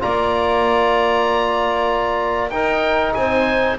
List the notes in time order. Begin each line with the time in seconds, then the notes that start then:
0.00 A#3 F4 D5 A#5
2.51 D#4 A#4 G5
3.14 C4 C5 G#5